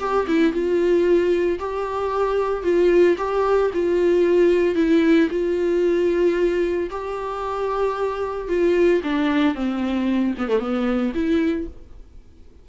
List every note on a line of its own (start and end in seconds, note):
0.00 0.27 G4
0.28 0.53 E4
0.53 1.59 F4
1.60 2.64 G4
2.64 3.17 F4
3.18 3.71 G4
3.74 4.76 F4
4.76 5.29 E4
5.31 6.90 F4
6.91 8.49 G4
8.49 9.02 F4
9.04 9.55 D4
9.55 10.35 C4
10.38 10.49 B3
10.49 10.60 A3
10.60 11.13 B3
11.15 11.68 E4